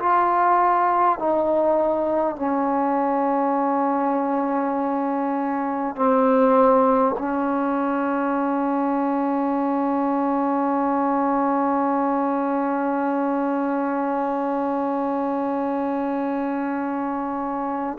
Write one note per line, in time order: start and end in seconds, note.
0.00 1.19 F4
1.19 2.37 D#4
2.37 5.96 C#4
5.96 7.16 C4
7.18 17.98 C#4